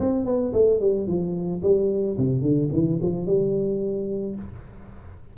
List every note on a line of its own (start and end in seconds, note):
0.00 0.25 C4
0.25 0.53 B3
0.53 0.80 A3
0.80 1.07 G3
1.07 1.62 F3
1.62 2.17 G3
2.17 2.42 C3
2.42 2.69 D3
2.73 3.00 E3
3.02 3.26 F3
3.26 4.35 G3